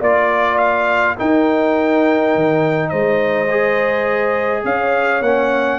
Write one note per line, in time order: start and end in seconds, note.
0.00 1.15 A#3
0.00 1.17 F4
0.00 1.16 D5
0.00 0.58 D5
0.58 1.16 F5
1.17 3.48 D#4
1.17 2.35 D#4
1.17 2.90 A#4
1.17 2.89 G5
2.35 2.92 D#3
2.89 4.64 G#3
2.89 4.63 C5
2.89 4.62 D#5
3.50 5.23 G#4
4.64 5.21 C#4
4.64 5.78 C#5
4.64 5.22 F5
5.21 5.78 A#3
5.21 5.78 C#4
5.21 5.78 F#5